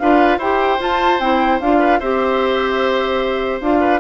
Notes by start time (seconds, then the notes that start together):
0.00 D4 F4 B4 F5
0.38 E4 G4 C5 G5
0.79 F4 A5
1.20 C4 E4 G5
1.61 D4 F4 F5
1.79 B4
2.00 C4 G4 C5 E5
3.61 D4 F4 F5
3.80 B4